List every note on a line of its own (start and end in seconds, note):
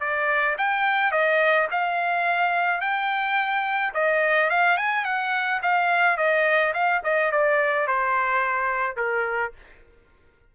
0.00 0.56 D5
0.58 1.11 G5
1.11 1.67 D#5
1.71 2.81 F5
2.81 3.93 G5
3.94 4.50 D#5
4.50 4.77 F5
4.77 5.05 G#5
5.05 5.61 F#5
5.62 6.17 F5
6.17 6.73 D#5
6.74 7.02 F5
7.04 7.32 D#5
7.32 7.87 D5
7.87 8.96 C5
8.96 9.52 A#4